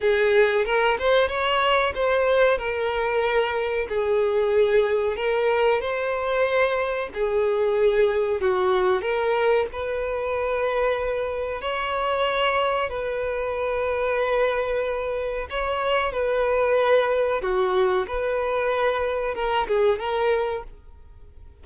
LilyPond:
\new Staff \with { instrumentName = "violin" } { \time 4/4 \tempo 4 = 93 gis'4 ais'8 c''8 cis''4 c''4 | ais'2 gis'2 | ais'4 c''2 gis'4~ | gis'4 fis'4 ais'4 b'4~ |
b'2 cis''2 | b'1 | cis''4 b'2 fis'4 | b'2 ais'8 gis'8 ais'4 | }